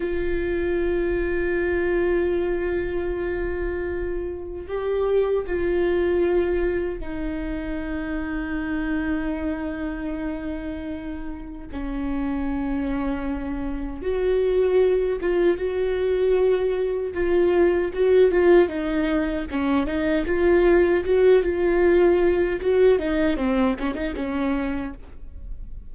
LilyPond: \new Staff \with { instrumentName = "viola" } { \time 4/4 \tempo 4 = 77 f'1~ | f'2 g'4 f'4~ | f'4 dis'2.~ | dis'2. cis'4~ |
cis'2 fis'4. f'8 | fis'2 f'4 fis'8 f'8 | dis'4 cis'8 dis'8 f'4 fis'8 f'8~ | f'4 fis'8 dis'8 c'8 cis'16 dis'16 cis'4 | }